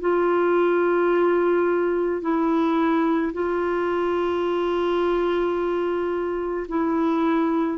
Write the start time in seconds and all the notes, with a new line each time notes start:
0.00 F4
2.21 E4
3.33 F4
6.68 E4